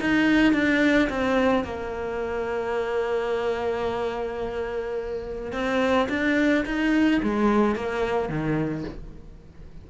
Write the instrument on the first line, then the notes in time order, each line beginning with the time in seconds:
cello
0.00 D#4
0.53 D4
1.09 C4
1.64 A#3
5.52 C4
6.09 D4
6.65 D#4
7.22 G#3
7.75 A#3
8.29 D#3